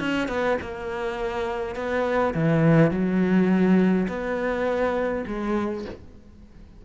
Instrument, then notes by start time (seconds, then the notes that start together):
cello
0.00 C#4
0.29 B3
0.61 A#3
1.76 B3
2.34 E3
2.91 F#3
4.08 B3
5.27 G#3